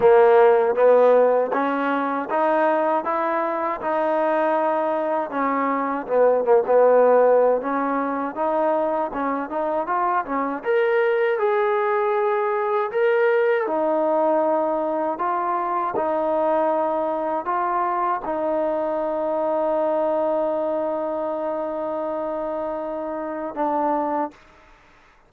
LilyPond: \new Staff \with { instrumentName = "trombone" } { \time 4/4 \tempo 4 = 79 ais4 b4 cis'4 dis'4 | e'4 dis'2 cis'4 | b8 ais16 b4~ b16 cis'4 dis'4 | cis'8 dis'8 f'8 cis'8 ais'4 gis'4~ |
gis'4 ais'4 dis'2 | f'4 dis'2 f'4 | dis'1~ | dis'2. d'4 | }